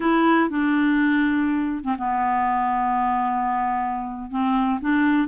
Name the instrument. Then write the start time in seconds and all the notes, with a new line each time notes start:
clarinet
0.00 E4
0.49 D4
1.84 C4
1.98 B3
4.30 C4
4.80 D4